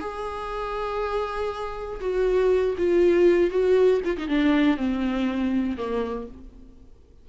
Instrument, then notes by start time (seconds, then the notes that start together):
viola
0.00 G#4
2.00 F#4
2.77 F4
3.51 F#4
4.04 F4
4.17 D#4
4.28 D4
4.77 C4
5.77 A#3